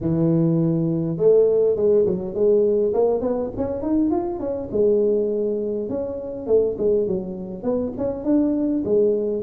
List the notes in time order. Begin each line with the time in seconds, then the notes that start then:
0.00 E3
1.17 A3
1.76 G#3
2.06 F#3
2.34 G#3
2.93 A#3
3.20 B3
3.57 C#4
3.82 D#4
4.10 F4
4.39 C#4
4.71 G#3
5.89 C#4
6.47 A3
6.78 G#3
7.07 F#3
7.63 B3
7.97 C#4
8.24 D4
8.84 G#3